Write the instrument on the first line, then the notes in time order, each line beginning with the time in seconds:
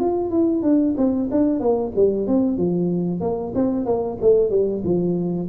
tuba
0.00 F4
0.31 E4
0.63 D4
0.98 C4
1.32 D4
1.60 A#3
1.96 G3
2.28 C4
2.57 F3
3.21 A#3
3.55 C4
3.86 A#3
4.22 A3
4.50 G3
4.84 F3